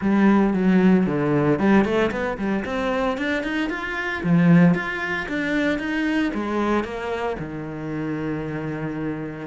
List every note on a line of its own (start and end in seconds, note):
0.01 0.53 G3
0.53 1.06 F#3
1.06 1.59 D3
1.59 1.84 G3
1.84 2.11 A3
2.11 2.37 B3
2.38 2.64 G3
2.65 3.17 C4
3.17 3.43 D4
3.43 3.69 D#4
3.69 4.22 F4
4.23 4.74 F3
4.74 5.27 F4
5.28 5.78 D4
5.78 6.31 D#4
6.33 6.83 G#3
6.83 7.36 A#3
7.39 9.47 D#3